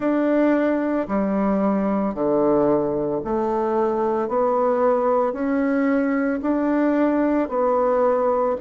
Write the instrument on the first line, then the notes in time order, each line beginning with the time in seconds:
bassoon
0.00 D4
1.08 G3
2.14 D3
3.24 A3
4.28 B3
5.33 C#4
6.42 D4
7.49 B3